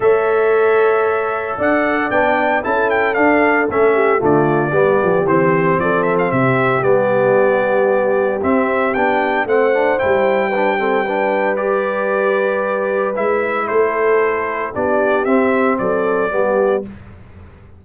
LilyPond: <<
  \new Staff \with { instrumentName = "trumpet" } { \time 4/4 \tempo 4 = 114 e''2. fis''4 | g''4 a''8 g''8 f''4 e''4 | d''2 c''4 d''8 e''16 f''16 | e''4 d''2. |
e''4 g''4 fis''4 g''4~ | g''2 d''2~ | d''4 e''4 c''2 | d''4 e''4 d''2 | }
  \new Staff \with { instrumentName = "horn" } { \time 4/4 cis''2. d''4~ | d''4 a'2~ a'8 g'8 | f'4 g'2 a'4 | g'1~ |
g'2 c''2 | b'8 a'8 b'2.~ | b'2 a'2 | g'2 a'4 g'4 | }
  \new Staff \with { instrumentName = "trombone" } { \time 4/4 a'1 | d'4 e'4 d'4 cis'4 | a4 b4 c'2~ | c'4 b2. |
c'4 d'4 c'8 d'8 e'4 | d'8 c'8 d'4 g'2~ | g'4 e'2. | d'4 c'2 b4 | }
  \new Staff \with { instrumentName = "tuba" } { \time 4/4 a2. d'4 | b4 cis'4 d'4 a4 | d4 g8 f8 e4 f4 | c4 g2. |
c'4 b4 a4 g4~ | g1~ | g4 gis4 a2 | b4 c'4 fis4 g4 | }
>>